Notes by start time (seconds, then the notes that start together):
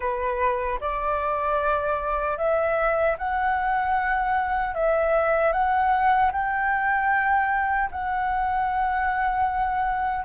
0.00 B4
0.80 D5
2.37 E5
3.18 F#5
4.74 E5
5.52 F#5
6.32 G5
7.91 F#5